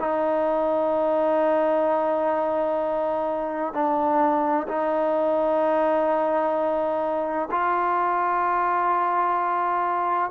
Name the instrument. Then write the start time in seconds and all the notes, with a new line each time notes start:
trombone
0.00 D#4
3.74 D4
4.68 D#4
7.51 F4